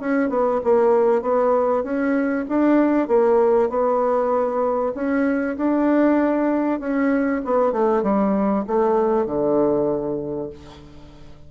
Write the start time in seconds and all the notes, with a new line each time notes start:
0.00 C#4
0.30 B3
0.64 A#3
1.22 B3
1.83 C#4
2.49 D4
3.08 A#3
3.69 B3
4.95 C#4
5.57 D4
6.80 C#4
7.45 B3
7.72 A3
8.02 G3
8.67 A3
9.26 D3